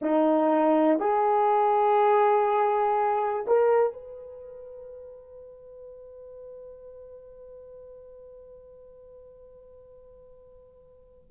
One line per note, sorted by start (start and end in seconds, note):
0.01 0.99 D#4
0.99 3.45 G#4
3.47 3.93 A#4
3.93 11.30 B4